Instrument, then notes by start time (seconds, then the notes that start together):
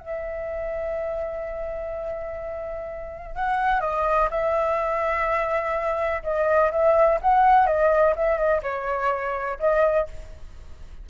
flute
0.00 E5
3.36 F#5
3.81 D#5
4.31 E5
6.23 D#5
6.72 E5
7.21 F#5
7.67 D#5
8.16 E5
8.38 D#5
8.63 C#5
9.60 D#5